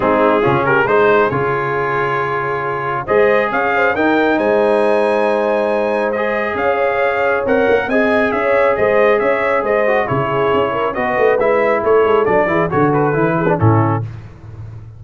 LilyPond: <<
  \new Staff \with { instrumentName = "trumpet" } { \time 4/4 \tempo 4 = 137 gis'4. ais'8 c''4 cis''4~ | cis''2. dis''4 | f''4 g''4 gis''2~ | gis''2 dis''4 f''4~ |
f''4 fis''4 gis''4 e''4 | dis''4 e''4 dis''4 cis''4~ | cis''4 dis''4 e''4 cis''4 | d''4 cis''8 b'4. a'4 | }
  \new Staff \with { instrumentName = "horn" } { \time 4/4 dis'4 f'8 g'8 gis'2~ | gis'2. c''4 | cis''8 c''8 ais'4 c''2~ | c''2. cis''4~ |
cis''2 dis''4 cis''4 | c''4 cis''4 c''4 gis'4~ | gis'8 ais'8 b'2 a'4~ | a'8 gis'8 a'4. gis'8 e'4 | }
  \new Staff \with { instrumentName = "trombone" } { \time 4/4 c'4 cis'4 dis'4 f'4~ | f'2. gis'4~ | gis'4 dis'2.~ | dis'2 gis'2~ |
gis'4 ais'4 gis'2~ | gis'2~ gis'8 fis'8 e'4~ | e'4 fis'4 e'2 | d'8 e'8 fis'4 e'8. d'16 cis'4 | }
  \new Staff \with { instrumentName = "tuba" } { \time 4/4 gis4 cis4 gis4 cis4~ | cis2. gis4 | cis'4 dis'4 gis2~ | gis2. cis'4~ |
cis'4 c'8 ais8 c'4 cis'4 | gis4 cis'4 gis4 cis4 | cis'4 b8 a8 gis4 a8 gis8 | fis8 e8 d4 e4 a,4 | }
>>